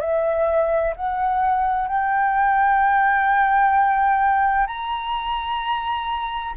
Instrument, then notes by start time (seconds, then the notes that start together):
flute
0.00 E5
0.96 F#5
1.87 G5
4.67 A#5